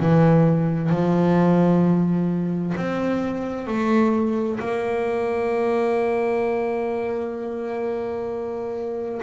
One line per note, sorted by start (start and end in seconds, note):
0.00 0.89 E3
0.89 2.74 F3
2.77 3.67 C4
3.67 4.59 A3
4.59 9.21 A#3